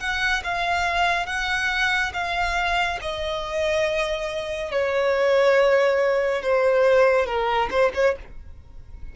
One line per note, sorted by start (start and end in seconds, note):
0.00 0.43 F#5
0.44 1.27 F5
1.27 2.12 F#5
2.14 2.99 F5
3.02 4.71 D#5
4.71 6.42 C#5
6.42 7.26 C5
7.26 7.69 A#4
7.71 7.92 C5
7.94 8.16 C#5